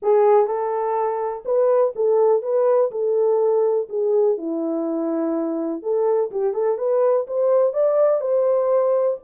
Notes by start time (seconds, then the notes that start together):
0.02 G#4
0.46 A4
1.45 B4
1.95 A4
2.42 B4
2.91 A4
3.89 G#4
4.37 E4
5.82 A4
6.31 G4
6.53 A4
6.78 B4
7.27 C5
7.73 D5
8.20 C5